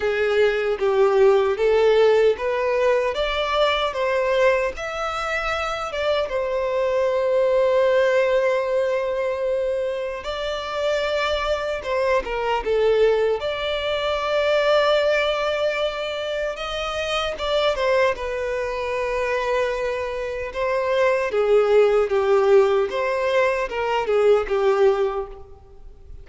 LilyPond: \new Staff \with { instrumentName = "violin" } { \time 4/4 \tempo 4 = 76 gis'4 g'4 a'4 b'4 | d''4 c''4 e''4. d''8 | c''1~ | c''4 d''2 c''8 ais'8 |
a'4 d''2.~ | d''4 dis''4 d''8 c''8 b'4~ | b'2 c''4 gis'4 | g'4 c''4 ais'8 gis'8 g'4 | }